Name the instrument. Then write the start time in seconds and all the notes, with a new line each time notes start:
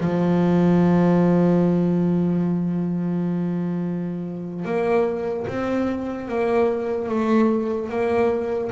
double bass
0.00 F3
4.65 A#3
5.47 C4
6.28 A#3
7.08 A3
7.89 A#3